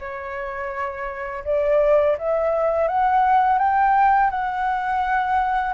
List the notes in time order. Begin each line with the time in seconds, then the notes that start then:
0.00 C#5
1.45 D5
2.19 E5
2.88 F#5
3.59 G5
4.31 F#5